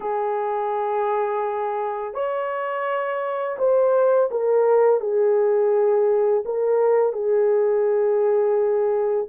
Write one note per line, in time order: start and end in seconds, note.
0.00 2.14 G#4
2.14 3.56 C#5
3.58 4.30 C5
4.30 5.00 A#4
5.00 6.43 G#4
6.45 7.12 A#4
7.12 9.27 G#4